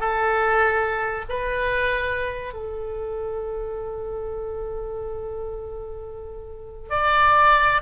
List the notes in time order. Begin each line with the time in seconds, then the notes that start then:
0.00 A4
1.29 B4
2.53 A4
6.90 D5